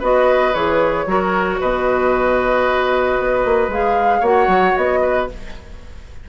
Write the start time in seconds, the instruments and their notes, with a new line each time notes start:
0.00 bassoon B3, clarinet F#4, oboe B4, flute D#5
0.54 bassoon E3, clarinet G#4, flute C#5
1.06 bassoon F#3, clarinet F#4, oboe A#4
1.60 bassoon B2, oboe B4, flute D#5
3.19 bassoon B3
3.45 bassoon A#3
3.68 bassoon G#3, clarinet G#4, flute F5
4.20 bassoon A#3, clarinet F#4, oboe C#5, flute F#5
4.47 bassoon F#3
4.77 bassoon B3, flute D#5
5.02 oboe B4